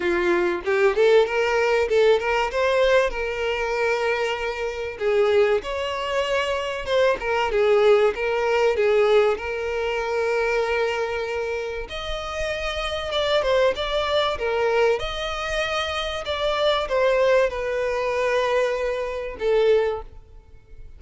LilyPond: \new Staff \with { instrumentName = "violin" } { \time 4/4 \tempo 4 = 96 f'4 g'8 a'8 ais'4 a'8 ais'8 | c''4 ais'2. | gis'4 cis''2 c''8 ais'8 | gis'4 ais'4 gis'4 ais'4~ |
ais'2. dis''4~ | dis''4 d''8 c''8 d''4 ais'4 | dis''2 d''4 c''4 | b'2. a'4 | }